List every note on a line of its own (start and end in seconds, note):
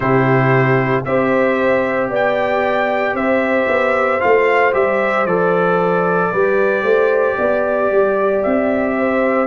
0.00 1.04 C3
0.00 1.05 E4
0.00 1.04 G4
0.00 1.04 C5
1.04 2.08 C4
1.04 4.20 G4
1.04 2.09 C5
1.04 2.10 E5
2.08 3.13 B3
2.08 3.15 D5
2.08 3.16 G5
3.13 3.66 C4
3.13 6.31 C5
3.13 4.20 E5
3.68 4.20 B3
4.20 4.74 A3
4.20 4.72 F4
4.20 4.73 F5
4.73 5.25 G3
4.73 5.25 G4
4.73 5.25 E5
5.25 6.31 F3
5.25 6.33 A4
5.25 8.41 D5
6.31 6.82 G3
6.31 9.46 G4
6.31 6.83 B4
6.82 7.35 A3
6.82 7.36 C5
7.38 7.91 B3
7.38 8.96 D5
7.91 8.43 G3
8.43 9.46 C4
8.43 9.46 E5
8.98 9.46 C5